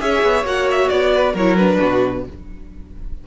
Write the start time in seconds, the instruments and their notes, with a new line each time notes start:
0.00 cello C#4, viola G#4, violin C#5 E5
0.23 cello B3
0.44 cello A#3, viola F#4, violin F#5
0.71 violin E5
0.89 cello B3, violin D5
1.14 violin B4
1.34 cello F#3, viola E4, violin A#4 C#5
1.57 viola D4, violin B4
1.80 cello B2, violin F#4